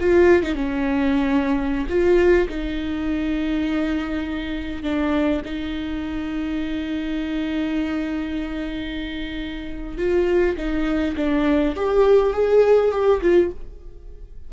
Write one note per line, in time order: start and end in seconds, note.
0.00 0.43 F4
0.43 0.55 D#4
0.55 1.87 C#4
1.89 2.48 F4
2.49 4.83 D#4
4.83 5.42 D4
5.45 9.97 D#4
9.97 10.56 F4
10.57 11.16 D#4
11.16 11.75 D4
11.75 12.33 G4
12.33 12.91 G#4
12.91 13.21 G4
13.21 13.51 F4